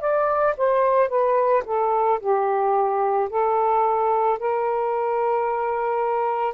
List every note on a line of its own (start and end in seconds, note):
0.00 0.55 D5
0.57 1.09 C5
1.09 1.63 B4
1.65 2.20 A4
2.20 3.29 G4
3.30 4.39 A4
4.39 6.54 A#4